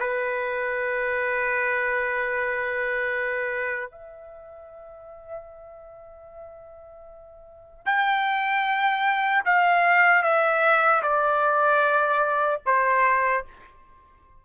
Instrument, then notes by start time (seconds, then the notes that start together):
trumpet
0.00 B4
3.92 E5
7.86 G5
9.46 F5
10.23 E5
11.03 D5
12.66 C5